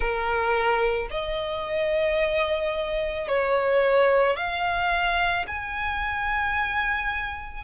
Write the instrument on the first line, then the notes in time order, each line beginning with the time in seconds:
violin
0.00 A#4
1.10 D#5
3.27 C#5
4.36 F5
5.47 G#5